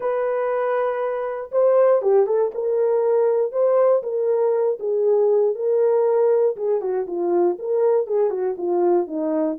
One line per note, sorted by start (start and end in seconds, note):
0.00 1.51 B4
1.51 2.01 C5
2.02 2.26 G4
2.26 2.51 A4
2.54 3.52 A#4
3.52 4.02 C5
4.02 4.78 A#4
4.79 5.55 G#4
5.55 6.55 A#4
6.56 6.81 G#4
6.81 7.06 F#4
7.06 7.57 F4
7.58 8.06 A#4
8.06 8.30 G#4
8.30 8.55 F#4
8.57 9.07 F4
9.07 9.57 D#4